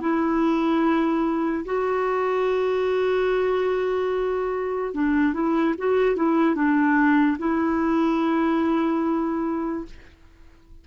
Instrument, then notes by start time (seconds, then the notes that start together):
clarinet
0.00 E4
1.65 F#4
4.94 D4
5.33 E4
5.78 F#4
6.16 E4
6.55 D4
7.38 E4